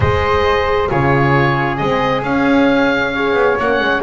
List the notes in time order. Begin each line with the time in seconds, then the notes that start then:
0.00 G#3 G#4 C5 D#5
0.89 C#3 F4 G#4 C#5
1.77 G#3 C4 D#5
2.22 C#4 F5
3.13 G#4 C#5
3.32 B3
3.59 A#3 C#4 F#5
3.79 G#3